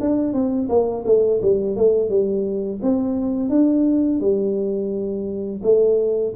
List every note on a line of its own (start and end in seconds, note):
0.00 0.33 D4
0.33 0.68 C4
0.69 1.04 A#3
1.05 1.41 A3
1.42 1.76 G3
1.76 2.10 A3
2.10 2.80 G3
2.82 3.49 C4
3.49 4.20 D4
4.20 5.61 G3
5.63 6.33 A3